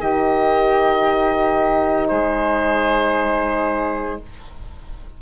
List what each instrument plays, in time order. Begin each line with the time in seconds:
0.00 bassoon D#3, horn D#4, flute G4, oboe D#5
2.07 bassoon G#3, flute G#4, oboe C5